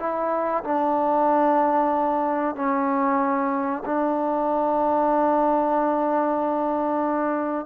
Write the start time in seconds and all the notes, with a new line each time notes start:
0.00 E4
0.64 D4
2.56 C#4
3.86 D4